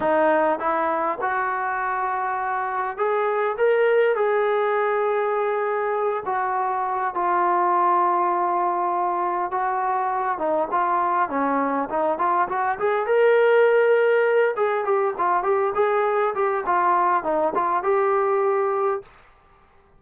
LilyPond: \new Staff \with { instrumentName = "trombone" } { \time 4/4 \tempo 4 = 101 dis'4 e'4 fis'2~ | fis'4 gis'4 ais'4 gis'4~ | gis'2~ gis'8 fis'4. | f'1 |
fis'4. dis'8 f'4 cis'4 | dis'8 f'8 fis'8 gis'8 ais'2~ | ais'8 gis'8 g'8 f'8 g'8 gis'4 g'8 | f'4 dis'8 f'8 g'2 | }